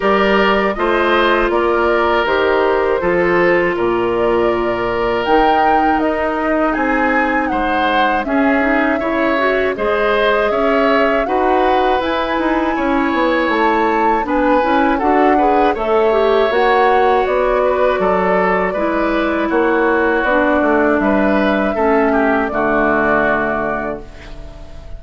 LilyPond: <<
  \new Staff \with { instrumentName = "flute" } { \time 4/4 \tempo 4 = 80 d''4 dis''4 d''4 c''4~ | c''4 d''2 g''4 | dis''4 gis''4 fis''4 e''4~ | e''4 dis''4 e''4 fis''4 |
gis''2 a''4 gis''4 | fis''4 e''4 fis''4 d''4~ | d''2 cis''4 d''4 | e''2 d''2 | }
  \new Staff \with { instrumentName = "oboe" } { \time 4/4 ais'4 c''4 ais'2 | a'4 ais'2.~ | ais'4 gis'4 c''4 gis'4 | cis''4 c''4 cis''4 b'4~ |
b'4 cis''2 b'4 | a'8 b'8 cis''2~ cis''8 b'8 | a'4 b'4 fis'2 | b'4 a'8 g'8 fis'2 | }
  \new Staff \with { instrumentName = "clarinet" } { \time 4/4 g'4 f'2 g'4 | f'2. dis'4~ | dis'2. cis'8 dis'8 | e'8 fis'8 gis'2 fis'4 |
e'2. d'8 e'8 | fis'8 gis'8 a'8 g'8 fis'2~ | fis'4 e'2 d'4~ | d'4 cis'4 a2 | }
  \new Staff \with { instrumentName = "bassoon" } { \time 4/4 g4 a4 ais4 dis4 | f4 ais,2 dis4 | dis'4 c'4 gis4 cis'4 | cis4 gis4 cis'4 dis'4 |
e'8 dis'8 cis'8 b8 a4 b8 cis'8 | d'4 a4 ais4 b4 | fis4 gis4 ais4 b8 a8 | g4 a4 d2 | }
>>